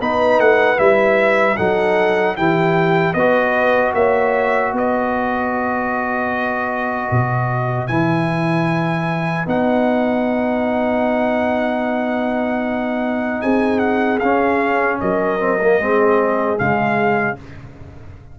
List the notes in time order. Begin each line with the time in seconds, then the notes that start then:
0.00 B3 D#4 B4 B5
0.38 A3 F#5
0.76 G3 E4 E5
1.56 F#3 D#4 A4 F#5
2.36 E3 E4 G4 G5
3.13 B3 F#4 B4 D#5
3.93 A#3 C#5 E5
4.72 B3 B4 D#5
7.11 B2
7.87 E3 E4 G#5
9.46 B3 D#4 F#5
13.41 C4 G#4 G#5
13.79 F#5
14.19 C#4 F5
15.00 F#3 A#4 D#5
15.39 C4
15.61 A#3
15.78 G#3 C4 G#4
16.57 C#3 G#3 F5